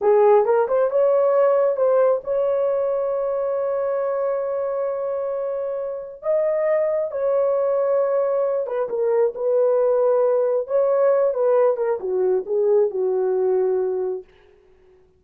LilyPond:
\new Staff \with { instrumentName = "horn" } { \time 4/4 \tempo 4 = 135 gis'4 ais'8 c''8 cis''2 | c''4 cis''2.~ | cis''1~ | cis''2 dis''2 |
cis''2.~ cis''8 b'8 | ais'4 b'2. | cis''4. b'4 ais'8 fis'4 | gis'4 fis'2. | }